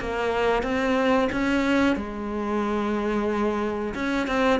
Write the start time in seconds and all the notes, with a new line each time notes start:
0.00 A#3
0.63 C4
1.32 C#4
1.96 G#3
3.94 C#4
4.27 C4